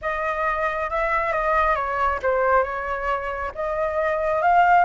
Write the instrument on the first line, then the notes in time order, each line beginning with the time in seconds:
flute
0.01 D#5
0.89 E5
1.32 D#5
1.75 C#5
2.22 C5
2.63 C#5
3.54 D#5
4.41 F5